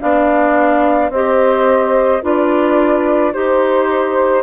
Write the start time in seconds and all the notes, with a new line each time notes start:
0.00 B3 D4 D5 F5
1.10 C4 G4 C5 D#5
2.22 D4 F4 B4 D5
3.34 D#4 G4 C5